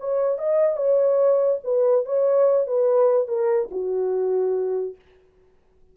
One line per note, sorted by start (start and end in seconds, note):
0.00 0.39 C#5
0.39 0.77 D#5
0.77 1.60 C#5
1.64 2.06 B4
2.06 2.67 C#5
2.67 3.28 B4
3.28 3.69 A#4
3.71 4.96 F#4